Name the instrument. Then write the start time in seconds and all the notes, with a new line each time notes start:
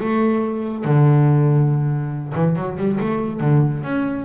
double bass
0.00 A3
0.85 D3
2.35 E3
2.56 F#3
2.78 G3
3.01 A3
3.41 D3
3.83 C#4